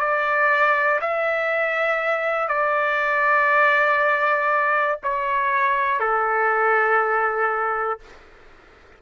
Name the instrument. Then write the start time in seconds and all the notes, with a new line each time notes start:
trumpet
0.00 D5
1.02 E5
2.49 D5
5.04 C#5
6.00 A4